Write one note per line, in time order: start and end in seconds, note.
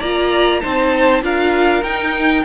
0.00 0.63 A#3
0.00 0.62 F4
0.00 0.61 D5
0.00 0.61 A#5
0.61 1.23 C4
0.61 1.23 D#4
0.61 1.24 C5
0.61 1.22 A5
1.23 1.83 D4
1.23 1.83 F4
1.23 2.45 A#4
1.23 1.84 F5
1.84 2.45 D#4
1.84 2.45 G5